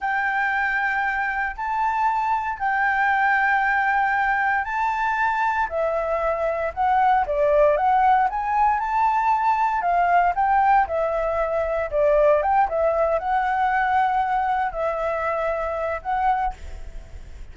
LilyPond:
\new Staff \with { instrumentName = "flute" } { \time 4/4 \tempo 4 = 116 g''2. a''4~ | a''4 g''2.~ | g''4 a''2 e''4~ | e''4 fis''4 d''4 fis''4 |
gis''4 a''2 f''4 | g''4 e''2 d''4 | g''8 e''4 fis''2~ fis''8~ | fis''8 e''2~ e''8 fis''4 | }